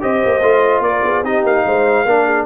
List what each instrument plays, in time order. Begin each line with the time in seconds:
0.00 tuba C4, trombone G4, horn C5, trumpet D#5
0.24 tuba A#3
0.41 tuba A3, trombone F4
0.80 tuba A#3, trumpet D5
0.87 horn A#4
1.03 tuba B3, horn G#4
1.23 tuba C4, trombone D#4, horn G4, trumpet D#5
1.43 tuba A#3, trumpet F5
1.65 tuba G#3, horn C5
2.05 tuba A#3, trombone D4, horn A#4
2.25 horn G#4